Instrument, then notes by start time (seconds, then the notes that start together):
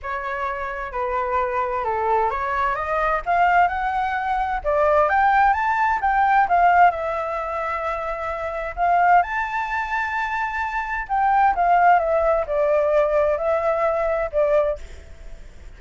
flute
0.02 C#5
0.91 B4
1.84 A4
2.30 C#5
2.75 D#5
3.25 F5
3.68 F#5
4.64 D5
5.09 G5
5.53 A5
6.01 G5
6.48 F5
6.90 E5
8.76 F5
9.22 A5
11.08 G5
11.55 F5
11.99 E5
12.46 D5
13.37 E5
14.32 D5